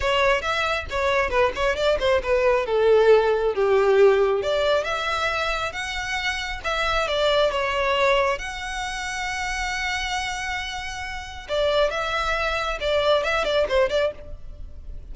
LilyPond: \new Staff \with { instrumentName = "violin" } { \time 4/4 \tempo 4 = 136 cis''4 e''4 cis''4 b'8 cis''8 | d''8 c''8 b'4 a'2 | g'2 d''4 e''4~ | e''4 fis''2 e''4 |
d''4 cis''2 fis''4~ | fis''1~ | fis''2 d''4 e''4~ | e''4 d''4 e''8 d''8 c''8 d''8 | }